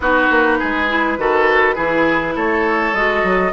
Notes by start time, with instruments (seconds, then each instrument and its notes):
0.00 bassoon B3, clarinet D#4, oboe F#4, flute B4
0.30 bassoon A#3
0.58 bassoon G#3, oboe G#4
0.88 clarinet E4
1.17 bassoon D#3, clarinet F#4, oboe A4
1.75 bassoon E3, clarinet E4, oboe G#4
2.35 bassoon A3, oboe A4, flute C#5
2.93 bassoon G#3, clarinet F#4, flute D#5
3.23 bassoon F#3